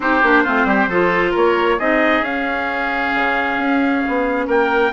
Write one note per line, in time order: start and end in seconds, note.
0.00 0.22 C4
0.00 0.21 D#4
0.00 0.43 G4
0.00 1.35 C5
0.22 0.44 A#3
0.22 0.45 D4
0.43 0.64 A3
0.43 0.90 C4
0.43 0.66 F4
0.64 0.87 G3
0.64 0.89 G4
0.87 1.32 F3
0.87 1.79 F4
0.87 1.30 A4
1.30 1.79 A#3
1.30 1.75 A#4
1.30 1.79 C#5
1.78 2.21 C4
1.78 2.24 D#4
1.78 4.47 G#4
1.78 2.24 D#5
2.21 3.10 C#4
2.21 4.92 C#4
2.21 4.48 F5
3.14 3.58 C#3
3.58 4.03 C#4
4.08 4.47 B3
4.47 4.92 A#3
4.47 4.92 A#4
4.47 4.92 G5